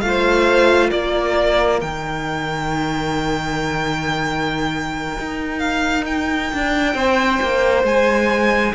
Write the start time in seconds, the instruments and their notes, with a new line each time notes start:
0.00 cello A3, viola F4, violin F5
0.06 violin C5
0.89 cello A#3, violin A#4 D5
1.80 cello D#3, viola D#4, violin G5
5.18 cello D#4
5.59 violin F5
6.06 violin G5
6.53 cello D4
6.94 cello C4, violin C5
7.42 cello A#3
7.83 cello G#3, violin G#5